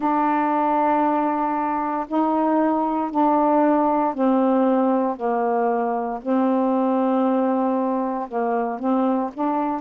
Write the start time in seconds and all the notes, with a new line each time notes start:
0.00 D4
2.07 D#4
3.11 D4
4.14 C4
5.16 A#3
6.22 C4
8.28 A#3
8.79 C4
9.33 D4